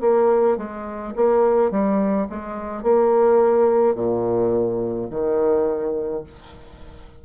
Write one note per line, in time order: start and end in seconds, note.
0.00 0.57 A#3
0.57 1.13 G#3
1.15 1.70 A#3
1.70 2.27 G3
2.29 2.83 G#3
2.83 3.94 A#3
3.94 5.07 A#2
5.09 6.23 D#3